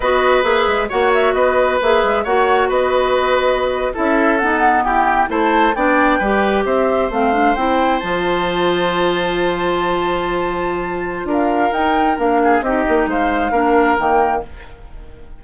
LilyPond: <<
  \new Staff \with { instrumentName = "flute" } { \time 4/4 \tempo 4 = 133 dis''4 e''4 fis''8 e''8 dis''4 | e''4 fis''4 dis''2~ | dis''8. e''4 fis''4 g''4 a''16~ | a''8. g''2 e''4 f''16~ |
f''8. g''4 a''2~ a''16~ | a''1~ | a''4 f''4 g''4 f''4 | dis''4 f''2 g''4 | }
  \new Staff \with { instrumentName = "oboe" } { \time 4/4 b'2 cis''4 b'4~ | b'4 cis''4 b'2~ | b'8. a'2 g'4 c''16~ | c''8. d''4 b'4 c''4~ c''16~ |
c''1~ | c''1~ | c''4 ais'2~ ais'8 gis'8 | g'4 c''4 ais'2 | }
  \new Staff \with { instrumentName = "clarinet" } { \time 4/4 fis'4 gis'4 fis'2 | gis'4 fis'2.~ | fis'8. e'4 b2 e'16~ | e'8. d'4 g'2 c'16~ |
c'16 d'8 e'4 f'2~ f'16~ | f'1~ | f'2 dis'4 d'4 | dis'2 d'4 ais4 | }
  \new Staff \with { instrumentName = "bassoon" } { \time 4/4 b4 ais8 gis8 ais4 b4 | ais8 gis8 ais4 b2~ | b8. cis'4 dis'4 e'4 a16~ | a8. b4 g4 c'4 a16~ |
a8. c'4 f2~ f16~ | f1~ | f4 d'4 dis'4 ais4 | c'8 ais8 gis4 ais4 dis4 | }
>>